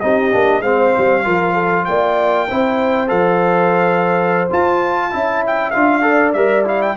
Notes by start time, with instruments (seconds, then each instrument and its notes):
0.00 tuba C4, trombone D#4, horn G4, trumpet D#5
0.31 tuba A#3, trombone D4
0.60 tuba G#3, trombone C4, horn C5, trumpet F5
0.97 tuba G3
1.24 tuba F3, trombone F4, horn A#4
1.54 horn A4
1.85 tuba A#3, horn D5, trumpet G5
2.49 tuba C4, trombone E4, horn C5
3.07 tuba F3, trombone A4, trumpet F5
4.50 trombone F4, tuba F4, trumpet A5
5.11 tuba C#4, trombone E4, horn E5
5.47 trumpet G5
5.70 tuba D4, trombone F4, trumpet F5
6.02 trombone A4, horn D5
6.33 tuba G3, trombone A#4, trumpet E5
6.65 trombone E4, trumpet F5
6.82 trumpet G5